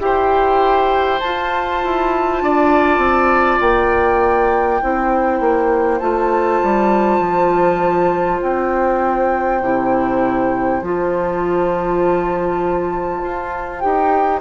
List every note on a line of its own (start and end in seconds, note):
0.00 1.20 E4
0.00 1.20 G4
0.00 2.43 C5
0.00 1.20 G5
1.20 1.83 F4
1.20 4.82 F4
1.20 3.60 A5
1.84 2.42 E4
2.42 2.98 D4
2.42 4.82 D5
2.98 3.58 C4
3.60 4.80 A#3
3.60 5.99 G5
4.82 5.40 C4
4.82 6.01 E4
4.82 14.41 C5
5.40 6.00 A#3
5.99 6.62 A3
5.99 9.61 F4
5.99 8.39 A5
6.63 7.20 G3
7.20 8.40 F3
8.43 9.62 C4
8.43 10.82 G5
9.62 10.81 C3
9.62 10.83 E4
10.82 13.22 F3
10.82 13.80 F4
10.82 13.79 A5
13.23 13.83 F4
13.79 14.41 D#4
13.79 14.41 G4
13.79 14.39 G5